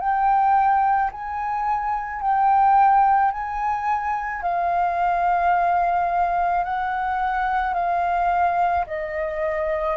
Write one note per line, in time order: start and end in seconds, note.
0.00 1.11 G5
1.12 2.22 G#5
2.22 3.32 G5
3.32 4.42 G#5
4.42 6.65 F5
6.65 7.74 F#5
7.74 8.85 F5
8.87 9.97 D#5